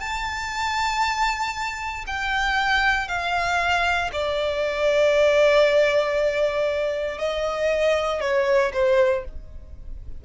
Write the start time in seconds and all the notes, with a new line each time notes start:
0.00 A5
2.07 G5
3.08 F5
4.13 D5
7.19 D#5
8.21 C#5
8.73 C5